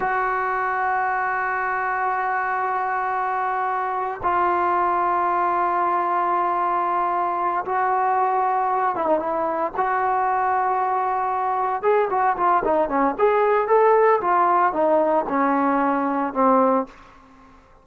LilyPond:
\new Staff \with { instrumentName = "trombone" } { \time 4/4 \tempo 4 = 114 fis'1~ | fis'1 | f'1~ | f'2~ f'8 fis'4.~ |
fis'4 e'16 dis'16 e'4 fis'4.~ | fis'2~ fis'8 gis'8 fis'8 f'8 | dis'8 cis'8 gis'4 a'4 f'4 | dis'4 cis'2 c'4 | }